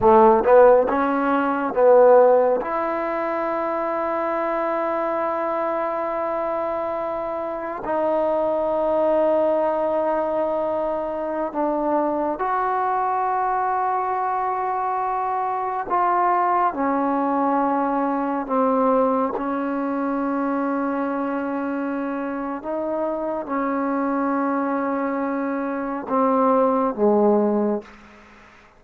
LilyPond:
\new Staff \with { instrumentName = "trombone" } { \time 4/4 \tempo 4 = 69 a8 b8 cis'4 b4 e'4~ | e'1~ | e'4 dis'2.~ | dis'4~ dis'16 d'4 fis'4.~ fis'16~ |
fis'2~ fis'16 f'4 cis'8.~ | cis'4~ cis'16 c'4 cis'4.~ cis'16~ | cis'2 dis'4 cis'4~ | cis'2 c'4 gis4 | }